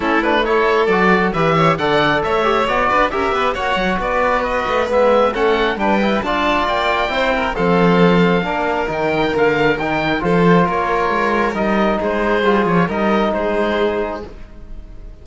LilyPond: <<
  \new Staff \with { instrumentName = "oboe" } { \time 4/4 \tempo 4 = 135 a'8 b'8 cis''4 d''4 e''4 | fis''4 e''4 d''4 e''4 | fis''4 d''4 dis''4 e''4 | fis''4 g''4 a''4 g''4~ |
g''4 f''2. | g''4 f''4 g''4 c''4 | cis''2 dis''4 c''4~ | c''8 cis''8 dis''4 c''2 | }
  \new Staff \with { instrumentName = "violin" } { \time 4/4 e'4 a'2 b'8 cis''8 | d''4 cis''4. b'8 ais'8 b'8 | cis''4 b'2. | a'4 b'4 d''2 |
c''8 ais'8 a'2 ais'4~ | ais'2. a'4 | ais'2. gis'4~ | gis'4 ais'4 gis'2 | }
  \new Staff \with { instrumentName = "trombone" } { \time 4/4 cis'8 d'8 e'4 fis'4 g'4 | a'4. g'8 fis'4 g'4 | fis'2. b4 | cis'4 d'8 e'8 f'2 |
e'4 c'2 d'4 | dis'4 ais4 dis'4 f'4~ | f'2 dis'2 | f'4 dis'2. | }
  \new Staff \with { instrumentName = "cello" } { \time 4/4 a2 fis4 e4 | d4 a4 b8 d'8 cis'8 b8 | ais8 fis8 b4. a8 gis4 | a4 g4 d'4 ais4 |
c'4 f2 ais4 | dis4 d4 dis4 f4 | ais4 gis4 g4 gis4 | g8 f8 g4 gis2 | }
>>